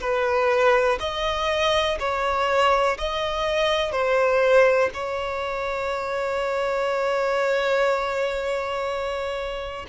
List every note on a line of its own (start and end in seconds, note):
0.00 0.98 B4
1.00 1.98 D#5
1.99 2.97 C#5
2.98 3.92 D#5
3.92 4.90 C5
4.94 9.86 C#5